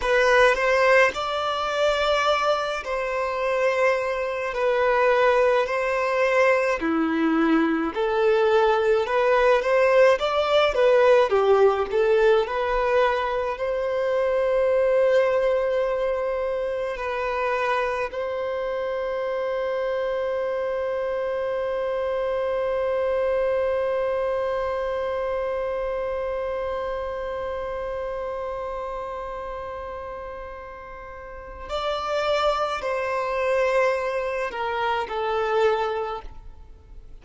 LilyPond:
\new Staff \with { instrumentName = "violin" } { \time 4/4 \tempo 4 = 53 b'8 c''8 d''4. c''4. | b'4 c''4 e'4 a'4 | b'8 c''8 d''8 b'8 g'8 a'8 b'4 | c''2. b'4 |
c''1~ | c''1~ | c''1 | d''4 c''4. ais'8 a'4 | }